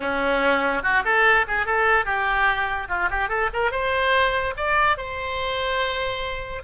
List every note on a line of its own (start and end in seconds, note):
0.00 0.82 C#4
0.82 1.03 F#4
1.04 1.46 A4
1.47 1.66 G#4
1.66 2.05 A4
2.05 2.88 G4
2.88 3.09 F4
3.10 3.28 G4
3.28 3.49 A4
3.53 3.71 A#4
3.71 4.53 C5
4.56 4.97 D5
4.97 6.62 C5